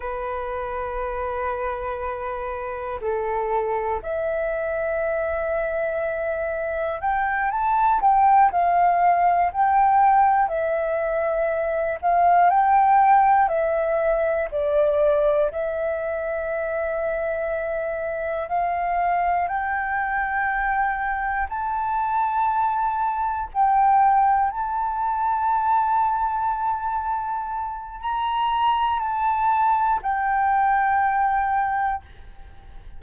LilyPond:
\new Staff \with { instrumentName = "flute" } { \time 4/4 \tempo 4 = 60 b'2. a'4 | e''2. g''8 a''8 | g''8 f''4 g''4 e''4. | f''8 g''4 e''4 d''4 e''8~ |
e''2~ e''8 f''4 g''8~ | g''4. a''2 g''8~ | g''8 a''2.~ a''8 | ais''4 a''4 g''2 | }